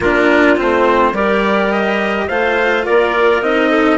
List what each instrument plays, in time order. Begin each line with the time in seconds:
0.00 bassoon A#3, cello D4, clarinet F4, trumpet A#4
0.56 bassoon A3, cello C4, trumpet C5
1.12 bassoon G3, cello G4, clarinet A#4, trumpet D5
1.72 trumpet D#5
2.28 bassoon A3, cello F4, clarinet C5, trumpet F5
2.85 bassoon A#3, clarinet A#4, trumpet D5
3.41 bassoon C4, cello D#4, trumpet D#5
3.69 clarinet A4